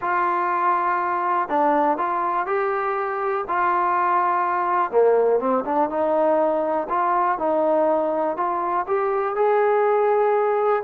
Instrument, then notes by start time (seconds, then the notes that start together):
trombone
0.01 F4
1.48 D4
1.97 F4
2.46 G4
3.47 F4
4.91 A#3
5.39 C4
5.64 D4
5.89 D#4
6.89 F4
7.38 D#4
8.36 F4
8.87 G4
9.35 G#4